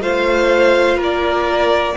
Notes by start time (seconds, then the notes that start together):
0.00 A3 F4 C5 F5
0.96 A#3 A#4
1.03 D5